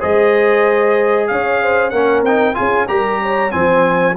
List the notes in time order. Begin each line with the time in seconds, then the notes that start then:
0.00 G#3 G#4 C5 D#5
1.28 C#4 C#5 F5
1.63 C5
1.90 A#3 C#4 A#4 F#5
2.23 C4 D#4 G5
2.55 C#4 F4 G#4 G#5
2.89 G3 G4 A#4 A#5
3.22 C#5
3.51 F3 C4 C5 G#5